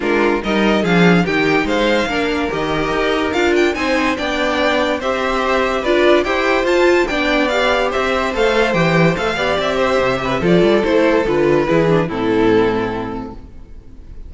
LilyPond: <<
  \new Staff \with { instrumentName = "violin" } { \time 4/4 \tempo 4 = 144 ais'4 dis''4 f''4 g''4 | f''2 dis''2 | f''8 g''8 gis''4 g''2 | e''2 d''4 g''4 |
a''4 g''4 f''4 e''4 | f''4 g''4 f''4 e''4~ | e''4 d''4 c''4 b'4~ | b'4 a'2. | }
  \new Staff \with { instrumentName = "violin" } { \time 4/4 f'4 ais'4 gis'4 g'4 | c''4 ais'2.~ | ais'4 c''4 d''2 | c''2 b'4 c''4~ |
c''4 d''2 c''4~ | c''2~ c''8 d''4 c''8~ | c''8 b'8 a'2. | gis'4 e'2. | }
  \new Staff \with { instrumentName = "viola" } { \time 4/4 d'4 dis'4 d'4 dis'4~ | dis'4 d'4 g'2 | f'4 dis'4 d'2 | g'2 f'4 g'4 |
f'4 d'4 g'2 | a'4 g'4 a'8 g'4.~ | g'4 f'4 e'4 f'4 | e'8 d'8 c'2. | }
  \new Staff \with { instrumentName = "cello" } { \time 4/4 gis4 g4 f4 dis4 | gis4 ais4 dis4 dis'4 | d'4 c'4 b2 | c'2 d'4 e'4 |
f'4 b2 c'4 | a4 e4 a8 b8 c'4 | c4 f8 g8 a4 d4 | e4 a,2. | }
>>